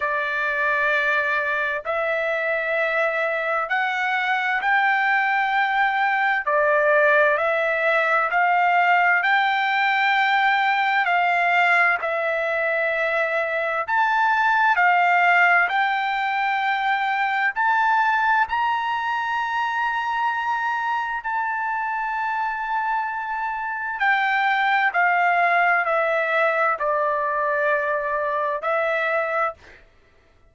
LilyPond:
\new Staff \with { instrumentName = "trumpet" } { \time 4/4 \tempo 4 = 65 d''2 e''2 | fis''4 g''2 d''4 | e''4 f''4 g''2 | f''4 e''2 a''4 |
f''4 g''2 a''4 | ais''2. a''4~ | a''2 g''4 f''4 | e''4 d''2 e''4 | }